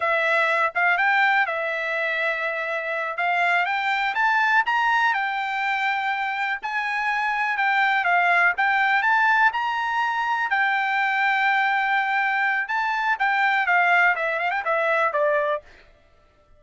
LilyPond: \new Staff \with { instrumentName = "trumpet" } { \time 4/4 \tempo 4 = 123 e''4. f''8 g''4 e''4~ | e''2~ e''8 f''4 g''8~ | g''8 a''4 ais''4 g''4.~ | g''4. gis''2 g''8~ |
g''8 f''4 g''4 a''4 ais''8~ | ais''4. g''2~ g''8~ | g''2 a''4 g''4 | f''4 e''8 f''16 g''16 e''4 d''4 | }